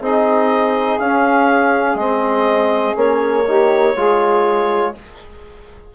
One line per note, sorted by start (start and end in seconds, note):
0.00 0.98 C4
0.00 1.01 D#4
0.00 3.46 G#4
0.00 0.99 D#5
0.99 1.95 C#4
0.99 1.98 C#4
0.99 1.97 F5
1.95 2.93 G#3
1.95 2.95 C4
1.95 2.95 D#5
2.95 3.95 A#3
2.95 3.45 C#4
2.95 4.95 C#5
3.46 3.96 D#4
3.46 3.95 G4
3.97 4.95 G#3
3.97 4.95 F4
3.97 4.95 G#4